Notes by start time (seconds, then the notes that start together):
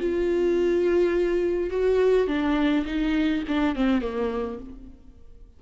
0.00 F4
1.71 F#4
2.28 D4
2.86 D#4
3.48 D4
3.76 C4
4.02 A#3